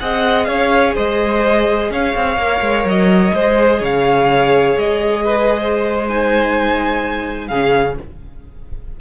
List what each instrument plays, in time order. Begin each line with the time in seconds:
0.00 cello C4, viola G#4, violin D#5 F#5
0.44 cello C#4, violin C#5 F5
0.95 cello G#3, violin C5 D#5
1.91 cello C#4, violin C#5 F5
2.15 cello C4
2.37 cello A#3, viola A#4
2.61 cello G#3
2.84 cello F#3, violin D#5
3.33 cello G#3, viola G#4, violin C5
3.80 cello C#3, violin C#5 F5
4.77 cello G#3, violin D#5
5.25 violin B4
5.60 violin C5
6.08 viola D#4, violin G#5
7.48 cello C#3, viola C#4, violin G#4 F5